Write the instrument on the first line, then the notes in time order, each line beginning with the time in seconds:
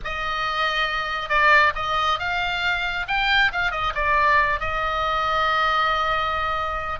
oboe
0.04 D#5
1.29 D5
1.75 D#5
2.19 F5
3.07 G5
3.52 F5
3.71 D#5
3.94 D5
4.60 D#5